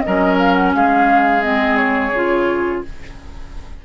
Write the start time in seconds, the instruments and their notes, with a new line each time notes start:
0.00 clarinet C#4, oboe A#4, flute D#5
0.06 bassoon F#3
0.38 flute F5
0.54 flute F#5
0.74 bassoon G#3, oboe G#4, flute F5
1.42 clarinet C4, flute D#5
1.76 flute C#5
2.11 bassoon C#3, clarinet F4